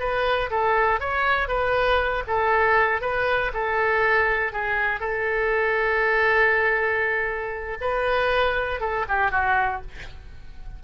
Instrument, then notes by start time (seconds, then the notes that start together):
oboe
0.00 B4
0.51 A4
1.00 C#5
1.48 B4
2.27 A4
3.01 B4
3.54 A4
4.52 G#4
5.00 A4
7.81 B4
8.81 A4
9.08 G4
9.31 F#4